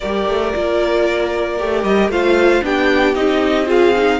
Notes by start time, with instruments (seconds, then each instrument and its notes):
0.00 cello G3, viola G4, violin A#4 D5
0.27 cello A3
0.54 cello A#3, viola F4
1.58 cello A3, viola G4
1.83 cello G3, violin D#5
2.08 cello A3, viola F4, violin C5 F5
2.62 cello B3, viola D4, violin G4 G5
3.14 cello C4, viola D#4, violin D#5
3.66 viola F4, violin G#4 F5
3.95 viola D#4